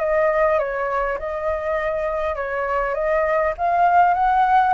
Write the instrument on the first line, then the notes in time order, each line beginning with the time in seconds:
flute
0.00 D#5
0.59 C#5
1.19 D#5
2.36 C#5
2.95 D#5
3.58 F5
4.14 F#5